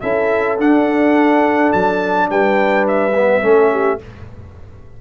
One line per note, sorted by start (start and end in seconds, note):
0.00 0.58 C#4
0.00 0.58 E4
0.00 2.28 A4
0.00 0.57 E5
0.58 3.12 D4
0.58 1.72 D4
0.58 1.72 F#5
1.72 2.29 F#3
1.72 2.29 A5
2.29 3.43 G3
2.29 3.43 B4
2.29 2.87 G5
2.87 4.00 E5
3.15 3.42 B3
3.42 3.99 A3
3.42 3.98 C#4
3.42 3.71 A4
3.71 3.99 G4